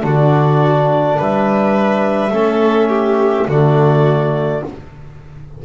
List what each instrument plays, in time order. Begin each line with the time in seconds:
0.00 double bass D3, trombone D4, violin F#4, clarinet D5
1.17 double bass G3, violin B4, clarinet E5
2.31 double bass A3, trombone C#4, violin A4
2.89 violin G4
3.47 double bass D3, trombone A3, violin F#4, clarinet D5